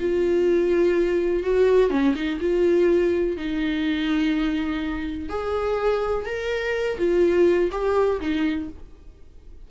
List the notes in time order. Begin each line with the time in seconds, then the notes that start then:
0.00 F4
1.43 F#4
1.90 C#4
2.15 D#4
2.40 F4
3.37 D#4
5.29 G#4
6.26 A#4
6.98 F4
7.72 G4
8.21 D#4